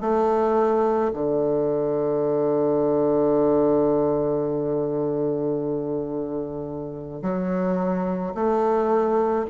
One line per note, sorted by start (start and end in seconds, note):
0.00 1.11 A3
1.13 7.22 D3
7.22 8.33 F#3
8.34 9.45 A3